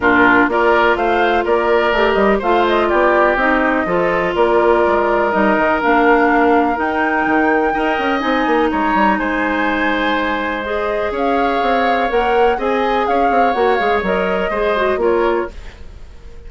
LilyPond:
<<
  \new Staff \with { instrumentName = "flute" } { \time 4/4 \tempo 4 = 124 ais'4 d''4 f''4 d''4~ | d''8 dis''8 f''8 dis''8 d''4 dis''4~ | dis''4 d''2 dis''4 | f''2 g''2~ |
g''4 gis''4 ais''4 gis''4~ | gis''2 dis''4 f''4~ | f''4 fis''4 gis''4 f''4 | fis''8 f''8 dis''2 cis''4 | }
  \new Staff \with { instrumentName = "oboe" } { \time 4/4 f'4 ais'4 c''4 ais'4~ | ais'4 c''4 g'2 | a'4 ais'2.~ | ais'1 |
dis''2 cis''4 c''4~ | c''2. cis''4~ | cis''2 dis''4 cis''4~ | cis''2 c''4 ais'4 | }
  \new Staff \with { instrumentName = "clarinet" } { \time 4/4 d'4 f'2. | g'4 f'2 dis'4 | f'2. dis'4 | d'2 dis'2 |
ais'4 dis'2.~ | dis'2 gis'2~ | gis'4 ais'4 gis'2 | fis'8 gis'8 ais'4 gis'8 fis'8 f'4 | }
  \new Staff \with { instrumentName = "bassoon" } { \time 4/4 ais,4 ais4 a4 ais4 | a8 g8 a4 b4 c'4 | f4 ais4 gis4 g8 dis8 | ais2 dis'4 dis4 |
dis'8 cis'8 c'8 ais8 gis8 g8 gis4~ | gis2. cis'4 | c'4 ais4 c'4 cis'8 c'8 | ais8 gis8 fis4 gis4 ais4 | }
>>